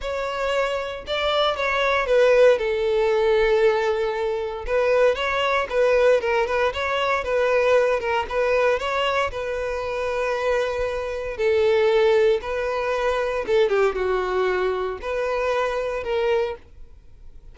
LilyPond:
\new Staff \with { instrumentName = "violin" } { \time 4/4 \tempo 4 = 116 cis''2 d''4 cis''4 | b'4 a'2.~ | a'4 b'4 cis''4 b'4 | ais'8 b'8 cis''4 b'4. ais'8 |
b'4 cis''4 b'2~ | b'2 a'2 | b'2 a'8 g'8 fis'4~ | fis'4 b'2 ais'4 | }